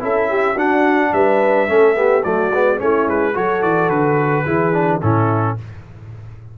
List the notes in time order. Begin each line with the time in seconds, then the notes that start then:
0.00 C#4 E4 A4 E5
0.30 G4
0.54 D4 F#4 F#5
1.13 G3 B4 E5
1.68 A3 C#4 A4
1.95 B3 G4
2.23 F#3 A3 F#4 D5
2.51 G#3 B3
2.78 A3 C#4 E4 C#5
3.07 G#3 B4
3.34 F#3 F#4 A4 C#5
3.62 E3 D5
3.89 D3 B4
4.45 E3 E4 G#4
4.73 D4
5.01 A2 C#4 E4 A4